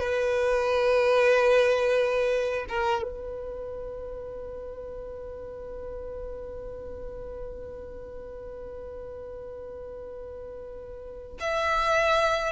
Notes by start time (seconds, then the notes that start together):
0.00 B4
2.69 A#4
3.03 B4
11.40 E5